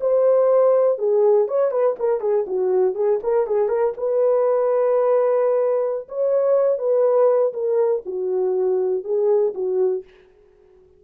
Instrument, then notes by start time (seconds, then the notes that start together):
horn
0.00 C5
0.98 G#4
1.48 C#5
1.71 B4
1.99 A#4
2.20 G#4
2.47 F#4
2.95 G#4
3.23 A#4
3.47 G#4
3.68 A#4
3.97 B4
6.08 C#5
6.78 B4
7.53 A#4
8.06 F#4
9.04 G#4
9.54 F#4